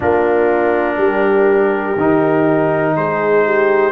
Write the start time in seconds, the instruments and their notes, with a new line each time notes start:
0.00 tuba A#3, trombone D4, horn F4, trumpet A#4
0.97 tuba G3, horn G4
1.97 tuba D#3, trombone D#4
2.95 tuba G#3, horn G#4, trumpet C5
3.44 horn G4